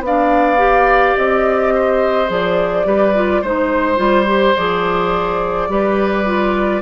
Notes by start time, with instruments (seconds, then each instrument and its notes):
0.00 bassoon B3, clarinet D4, oboe D5, flute F5
0.57 clarinet G4
1.16 bassoon C4, flute D#5
1.74 oboe C5
2.27 bassoon F3, clarinet G#4, flute D5
2.84 bassoon G3, clarinet G4, oboe B4
3.15 clarinet F4
3.41 bassoon G#3, clarinet D#4, oboe C5, flute C5
3.96 bassoon G3, clarinet F4
4.26 clarinet G4
4.56 bassoon F3, clarinet G#4, flute D5
5.68 bassoon G3, clarinet G4, oboe B4
6.25 clarinet F4